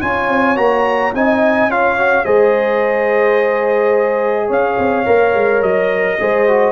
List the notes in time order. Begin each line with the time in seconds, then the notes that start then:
0.00 C#4 F4 C#5 G#5
0.29 C4
0.56 A#3 F#4 A#5
1.14 C4 D#4 D#5 G#5
1.67 C#4 F4 F5
1.73 C#5
1.98 F#4
2.24 G#3 G#4 C5 D#5
4.47 C#4 C#5 F5
4.78 C4
5.05 A#3 A#4
5.34 G#3
5.62 F#3 D#5
6.20 G#3 G#4 C5
6.48 F#4